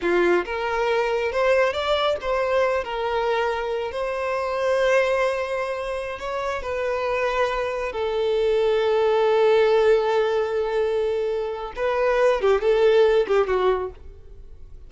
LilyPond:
\new Staff \with { instrumentName = "violin" } { \time 4/4 \tempo 4 = 138 f'4 ais'2 c''4 | d''4 c''4. ais'4.~ | ais'4 c''2.~ | c''2~ c''16 cis''4 b'8.~ |
b'2~ b'16 a'4.~ a'16~ | a'1~ | a'2. b'4~ | b'8 g'8 a'4. g'8 fis'4 | }